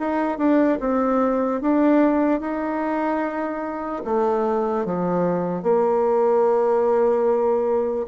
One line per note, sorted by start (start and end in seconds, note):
0.00 0.38 D#4
0.38 0.79 D4
0.80 1.61 C4
1.62 2.41 D4
2.41 4.03 D#4
4.05 4.86 A3
4.86 5.63 F3
5.63 8.06 A#3